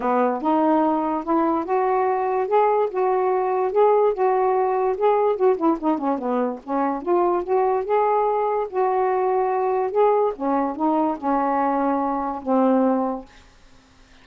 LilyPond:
\new Staff \with { instrumentName = "saxophone" } { \time 4/4 \tempo 4 = 145 b4 dis'2 e'4 | fis'2 gis'4 fis'4~ | fis'4 gis'4 fis'2 | gis'4 fis'8 e'8 dis'8 cis'8 b4 |
cis'4 f'4 fis'4 gis'4~ | gis'4 fis'2. | gis'4 cis'4 dis'4 cis'4~ | cis'2 c'2 | }